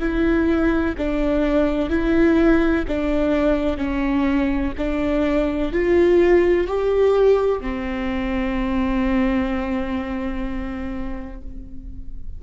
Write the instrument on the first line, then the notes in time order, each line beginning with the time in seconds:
viola
0.00 E4
0.98 D4
1.90 E4
2.88 D4
3.78 C#4
4.78 D4
5.73 F4
6.68 G4
7.61 C4